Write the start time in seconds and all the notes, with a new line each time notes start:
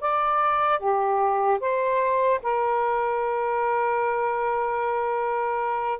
0.00 D5
0.79 G4
1.60 C5
2.42 A#4